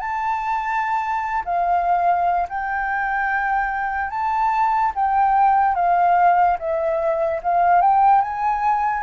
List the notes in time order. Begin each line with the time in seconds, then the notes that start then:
0.00 A5
1.45 F5
2.49 G5
4.10 A5
4.95 G5
5.75 F5
6.59 E5
7.43 F5
7.81 G5
8.22 G#5